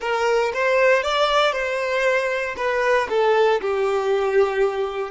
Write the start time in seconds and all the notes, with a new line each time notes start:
0.00 A#4
0.53 C5
1.03 D5
1.52 C5
2.56 B4
3.09 A4
3.61 G4